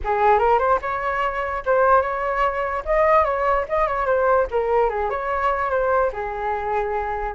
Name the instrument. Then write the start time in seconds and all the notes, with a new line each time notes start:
flute
0.04 G#4
0.39 A#4
0.58 C5
0.81 C#5
1.65 C5
2.01 C#5
2.85 D#5
3.24 C#5
3.68 D#5
3.87 C#5
4.06 C5
4.50 A#4
4.89 G#4
5.10 C#5
5.70 C5
6.12 G#4